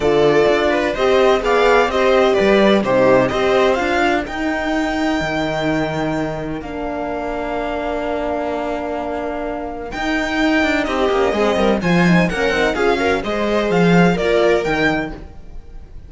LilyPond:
<<
  \new Staff \with { instrumentName = "violin" } { \time 4/4 \tempo 4 = 127 d''2 dis''4 f''4 | dis''4 d''4 c''4 dis''4 | f''4 g''2.~ | g''2 f''2~ |
f''1~ | f''4 g''2 dis''4~ | dis''4 gis''4 fis''4 f''4 | dis''4 f''4 d''4 g''4 | }
  \new Staff \with { instrumentName = "viola" } { \time 4/4 a'4. b'8 c''4 d''4 | c''4 b'4 g'4 c''4~ | c''8 ais'2.~ ais'8~ | ais'1~ |
ais'1~ | ais'2. g'4 | gis'8 ais'8 c''4 ais'4 gis'8 ais'8 | c''2 ais'2 | }
  \new Staff \with { instrumentName = "horn" } { \time 4/4 f'2 g'4 gis'4 | g'2 dis'4 g'4 | f'4 dis'2.~ | dis'2 d'2~ |
d'1~ | d'4 dis'2~ dis'8 cis'8 | c'4 f'8 dis'8 cis'8 dis'8 f'8 fis'8 | gis'2 f'4 dis'4 | }
  \new Staff \with { instrumentName = "cello" } { \time 4/4 d4 d'4 c'4 b4 | c'4 g4 c4 c'4 | d'4 dis'2 dis4~ | dis2 ais2~ |
ais1~ | ais4 dis'4. d'8 c'8 ais8 | gis8 g8 f4 ais8 c'8 cis'4 | gis4 f4 ais4 dis4 | }
>>